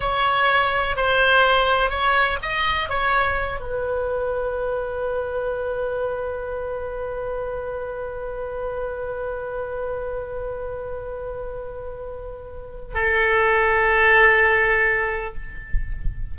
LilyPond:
\new Staff \with { instrumentName = "oboe" } { \time 4/4 \tempo 4 = 125 cis''2 c''2 | cis''4 dis''4 cis''4. b'8~ | b'1~ | b'1~ |
b'1~ | b'1~ | b'2. a'4~ | a'1 | }